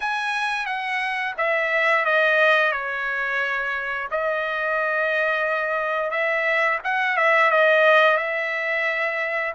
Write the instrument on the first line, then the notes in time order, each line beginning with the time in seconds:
trumpet
0.00 G#5
0.66 F#5
1.37 E5
2.05 D#5
2.71 C#5
4.10 D#5
6.10 E5
6.84 F#5
7.16 E5
7.51 D#5
8.17 E5